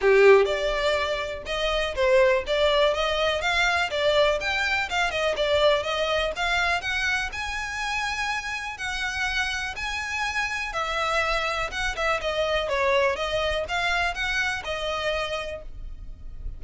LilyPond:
\new Staff \with { instrumentName = "violin" } { \time 4/4 \tempo 4 = 123 g'4 d''2 dis''4 | c''4 d''4 dis''4 f''4 | d''4 g''4 f''8 dis''8 d''4 | dis''4 f''4 fis''4 gis''4~ |
gis''2 fis''2 | gis''2 e''2 | fis''8 e''8 dis''4 cis''4 dis''4 | f''4 fis''4 dis''2 | }